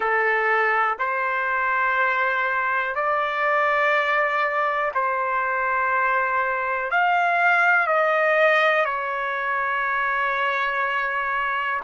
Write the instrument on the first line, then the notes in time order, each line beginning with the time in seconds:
trumpet
0.00 A4
0.98 C5
2.95 D5
4.94 C5
6.90 F5
7.86 D#5
8.85 C#5